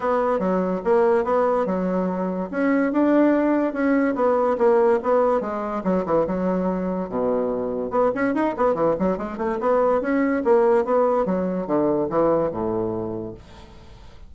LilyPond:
\new Staff \with { instrumentName = "bassoon" } { \time 4/4 \tempo 4 = 144 b4 fis4 ais4 b4 | fis2 cis'4 d'4~ | d'4 cis'4 b4 ais4 | b4 gis4 fis8 e8 fis4~ |
fis4 b,2 b8 cis'8 | dis'8 b8 e8 fis8 gis8 a8 b4 | cis'4 ais4 b4 fis4 | d4 e4 a,2 | }